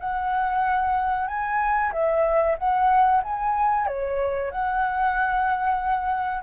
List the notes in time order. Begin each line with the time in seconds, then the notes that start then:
0.00 F#5
1.28 G#5
1.92 E5
2.58 F#5
3.24 G#5
3.87 C#5
4.51 F#5